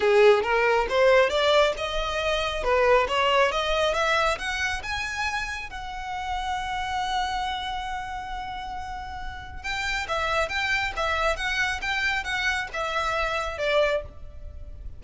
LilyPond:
\new Staff \with { instrumentName = "violin" } { \time 4/4 \tempo 4 = 137 gis'4 ais'4 c''4 d''4 | dis''2 b'4 cis''4 | dis''4 e''4 fis''4 gis''4~ | gis''4 fis''2.~ |
fis''1~ | fis''2 g''4 e''4 | g''4 e''4 fis''4 g''4 | fis''4 e''2 d''4 | }